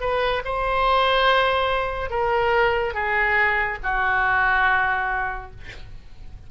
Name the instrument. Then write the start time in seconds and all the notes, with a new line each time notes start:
oboe
0.00 B4
0.45 C5
2.10 A#4
2.94 G#4
3.83 F#4